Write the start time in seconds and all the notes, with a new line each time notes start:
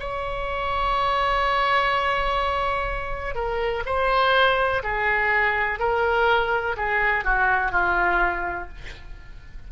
0.00 C#5
3.35 A#4
3.86 C5
4.83 G#4
5.80 A#4
6.77 G#4
7.24 F#4
7.72 F4